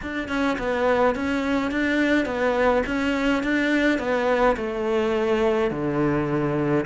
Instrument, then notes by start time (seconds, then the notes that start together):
cello
0.02 D4
0.28 C#4
0.58 B3
1.15 C#4
1.71 D4
2.25 B3
2.86 C#4
3.43 D4
3.98 B3
4.56 A3
5.70 D3